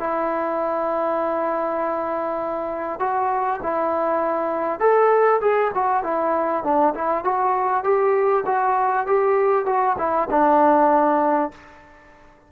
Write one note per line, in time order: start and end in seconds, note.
0.00 3.00 E4
3.00 3.61 F#4
3.63 4.80 E4
4.80 5.41 A4
5.42 5.72 G#4
5.75 6.04 F#4
6.04 6.64 E4
6.64 6.94 D4
6.95 7.25 E4
7.25 7.84 F#4
7.84 8.45 G4
8.46 9.07 F#4
9.07 9.66 G4
9.66 9.97 F#4
9.99 10.29 E4
10.31 11.52 D4